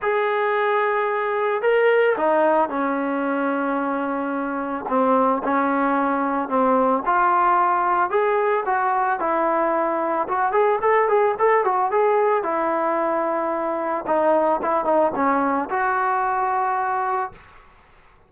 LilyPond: \new Staff \with { instrumentName = "trombone" } { \time 4/4 \tempo 4 = 111 gis'2. ais'4 | dis'4 cis'2.~ | cis'4 c'4 cis'2 | c'4 f'2 gis'4 |
fis'4 e'2 fis'8 gis'8 | a'8 gis'8 a'8 fis'8 gis'4 e'4~ | e'2 dis'4 e'8 dis'8 | cis'4 fis'2. | }